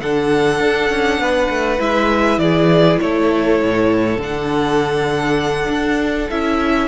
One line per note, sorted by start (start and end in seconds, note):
0.00 0.60 D3
0.00 1.79 D4
0.00 1.21 A4
0.00 1.80 F#5
0.60 0.90 D4
0.90 1.19 C#4
1.19 1.49 B3
1.19 2.41 B4
1.49 1.79 A3
1.79 2.38 G#3
1.79 4.19 E4
1.79 2.39 E5
2.38 2.98 E3
2.38 3.01 G#4
2.38 2.99 D5
3.01 3.62 A3
3.01 6.88 A4
3.01 4.21 C#5
3.62 4.18 A2
4.18 5.68 D3
4.18 6.31 D4
4.18 6.30 F#5
5.69 6.29 D4
6.30 6.88 C#4
6.30 6.88 E4
6.30 6.88 E5